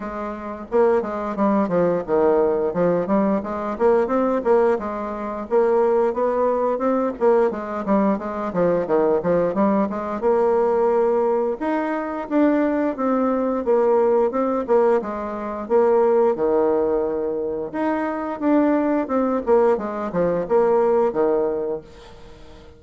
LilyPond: \new Staff \with { instrumentName = "bassoon" } { \time 4/4 \tempo 4 = 88 gis4 ais8 gis8 g8 f8 dis4 | f8 g8 gis8 ais8 c'8 ais8 gis4 | ais4 b4 c'8 ais8 gis8 g8 | gis8 f8 dis8 f8 g8 gis8 ais4~ |
ais4 dis'4 d'4 c'4 | ais4 c'8 ais8 gis4 ais4 | dis2 dis'4 d'4 | c'8 ais8 gis8 f8 ais4 dis4 | }